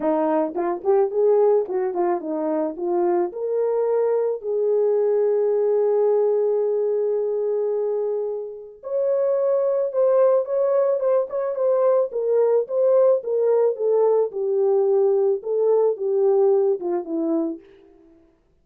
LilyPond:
\new Staff \with { instrumentName = "horn" } { \time 4/4 \tempo 4 = 109 dis'4 f'8 g'8 gis'4 fis'8 f'8 | dis'4 f'4 ais'2 | gis'1~ | gis'1 |
cis''2 c''4 cis''4 | c''8 cis''8 c''4 ais'4 c''4 | ais'4 a'4 g'2 | a'4 g'4. f'8 e'4 | }